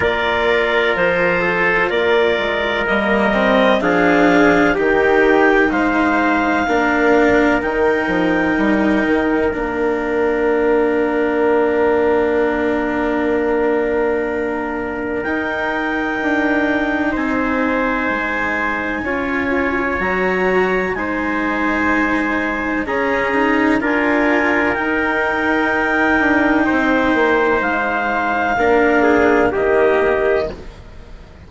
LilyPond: <<
  \new Staff \with { instrumentName = "clarinet" } { \time 4/4 \tempo 4 = 63 d''4 c''4 d''4 dis''4 | f''4 g''4 f''2 | g''2 f''2~ | f''1 |
g''2 gis''2~ | gis''4 ais''4 gis''2 | ais''4 gis''4 g''2~ | g''4 f''2 dis''4 | }
  \new Staff \with { instrumentName = "trumpet" } { \time 4/4 ais'4. a'8 ais'2 | gis'4 g'4 c''4 ais'4~ | ais'1~ | ais'1~ |
ais'2 c''2 | cis''2 c''2 | gis'4 ais'2. | c''2 ais'8 gis'8 g'4 | }
  \new Staff \with { instrumentName = "cello" } { \time 4/4 f'2. ais8 c'8 | d'4 dis'2 d'4 | dis'2 d'2~ | d'1 |
dis'1 | f'4 fis'4 dis'2 | cis'8 dis'8 f'4 dis'2~ | dis'2 d'4 ais4 | }
  \new Staff \with { instrumentName = "bassoon" } { \time 4/4 ais4 f4 ais8 gis8 g4 | f4 dis4 gis4 ais4 | dis8 f8 g8 dis8 ais2~ | ais1 |
dis'4 d'4 c'4 gis4 | cis'4 fis4 gis2 | cis'4 d'4 dis'4. d'8 | c'8 ais8 gis4 ais4 dis4 | }
>>